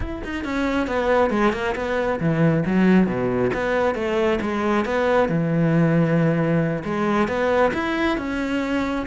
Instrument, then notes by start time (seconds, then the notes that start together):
cello
0.00 E4
0.23 D#4
0.44 C#4
0.87 B3
1.30 G#3
1.52 A#3
1.75 B3
2.19 E3
2.66 F#3
3.06 B2
3.53 B3
3.94 A3
4.41 G#3
4.85 B3
5.28 E3
6.84 G#3
7.28 B3
7.73 E4
8.17 C#4